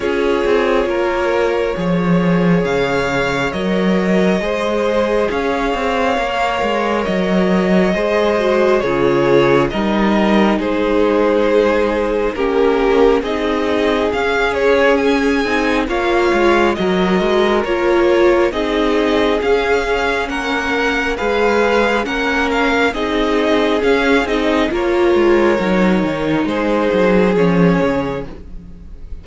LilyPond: <<
  \new Staff \with { instrumentName = "violin" } { \time 4/4 \tempo 4 = 68 cis''2. f''4 | dis''2 f''2 | dis''2 cis''4 dis''4 | c''2 ais'4 dis''4 |
f''8 cis''8 gis''4 f''4 dis''4 | cis''4 dis''4 f''4 fis''4 | f''4 fis''8 f''8 dis''4 f''8 dis''8 | cis''2 c''4 cis''4 | }
  \new Staff \with { instrumentName = "violin" } { \time 4/4 gis'4 ais'4 cis''2~ | cis''4 c''4 cis''2~ | cis''4 c''4 gis'4 ais'4 | gis'2 g'4 gis'4~ |
gis'2 cis''4 ais'4~ | ais'4 gis'2 ais'4 | b'4 ais'4 gis'2 | ais'2 gis'2 | }
  \new Staff \with { instrumentName = "viola" } { \time 4/4 f'2 gis'2 | ais'4 gis'2 ais'4~ | ais'4 gis'8 fis'8 f'4 dis'4~ | dis'2 cis'4 dis'4 |
cis'4. dis'8 f'4 fis'4 | f'4 dis'4 cis'2 | gis'4 cis'4 dis'4 cis'8 dis'8 | f'4 dis'2 cis'4 | }
  \new Staff \with { instrumentName = "cello" } { \time 4/4 cis'8 c'8 ais4 f4 cis4 | fis4 gis4 cis'8 c'8 ais8 gis8 | fis4 gis4 cis4 g4 | gis2 ais4 c'4 |
cis'4. c'8 ais8 gis8 fis8 gis8 | ais4 c'4 cis'4 ais4 | gis4 ais4 c'4 cis'8 c'8 | ais8 gis8 fis8 dis8 gis8 fis8 f8 cis8 | }
>>